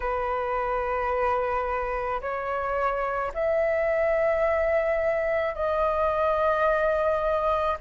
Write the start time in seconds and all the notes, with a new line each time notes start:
0.00 B4
2.21 C#5
3.34 E5
5.55 D#5